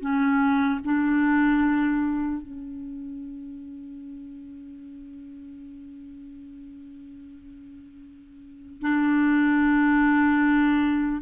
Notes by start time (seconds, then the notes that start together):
0.00 C#4
0.84 D4
2.42 C#4
8.81 D4